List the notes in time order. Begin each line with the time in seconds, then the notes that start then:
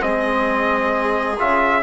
0.00 G#3 C4 G#4 D#5
1.39 C#3 F4 E5